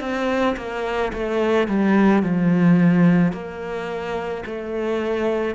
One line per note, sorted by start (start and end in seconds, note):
0.00 0.56 C4
0.57 1.12 A#3
1.13 1.68 A3
1.68 2.23 G3
2.23 3.33 F3
3.33 4.44 A#3
4.46 5.55 A3